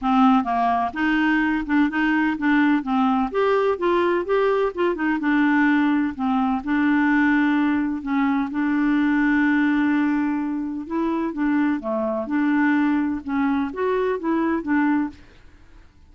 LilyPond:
\new Staff \with { instrumentName = "clarinet" } { \time 4/4 \tempo 4 = 127 c'4 ais4 dis'4. d'8 | dis'4 d'4 c'4 g'4 | f'4 g'4 f'8 dis'8 d'4~ | d'4 c'4 d'2~ |
d'4 cis'4 d'2~ | d'2. e'4 | d'4 a4 d'2 | cis'4 fis'4 e'4 d'4 | }